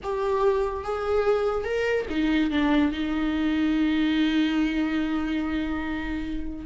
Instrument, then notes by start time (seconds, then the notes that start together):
viola
0.03 G4
0.84 G#4
1.64 A#4
2.09 D#4
2.50 D4
2.91 D#4